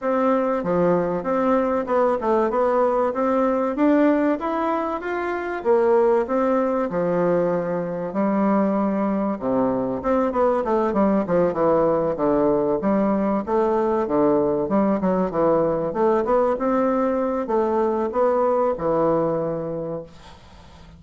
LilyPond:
\new Staff \with { instrumentName = "bassoon" } { \time 4/4 \tempo 4 = 96 c'4 f4 c'4 b8 a8 | b4 c'4 d'4 e'4 | f'4 ais4 c'4 f4~ | f4 g2 c4 |
c'8 b8 a8 g8 f8 e4 d8~ | d8 g4 a4 d4 g8 | fis8 e4 a8 b8 c'4. | a4 b4 e2 | }